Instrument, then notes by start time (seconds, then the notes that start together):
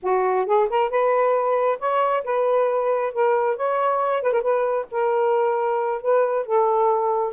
saxophone
0.02 F#4
0.46 G#4
0.69 A#4
0.89 B4
1.79 C#5
2.24 B4
3.13 A#4
3.56 C#5
4.22 B4
4.33 A#4
4.41 B4
4.91 A#4
6.01 B4
6.45 A4